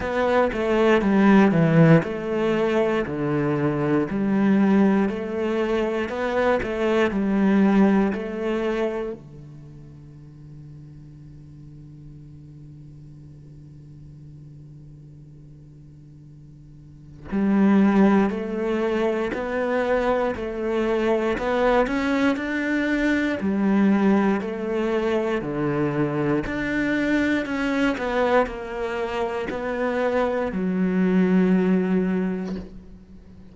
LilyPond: \new Staff \with { instrumentName = "cello" } { \time 4/4 \tempo 4 = 59 b8 a8 g8 e8 a4 d4 | g4 a4 b8 a8 g4 | a4 d2.~ | d1~ |
d4 g4 a4 b4 | a4 b8 cis'8 d'4 g4 | a4 d4 d'4 cis'8 b8 | ais4 b4 fis2 | }